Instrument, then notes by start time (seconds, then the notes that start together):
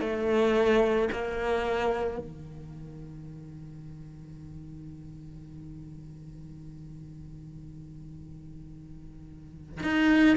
cello
0.00 A3
1.13 A#3
2.18 D#3
9.83 D#4